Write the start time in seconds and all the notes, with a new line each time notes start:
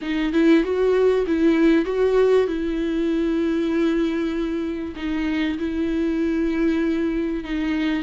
0.01 D#4
0.32 E4
0.63 F#4
1.26 E4
1.85 F#4
2.47 E4
4.96 D#4
5.58 E4
7.44 D#4